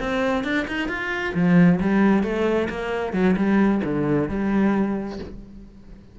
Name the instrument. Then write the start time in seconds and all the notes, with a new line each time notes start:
cello
0.00 C4
0.44 D4
0.68 D#4
0.89 F4
1.35 F3
1.81 G3
2.24 A3
2.70 A#3
3.13 F#3
3.36 G3
3.84 D3
4.29 G3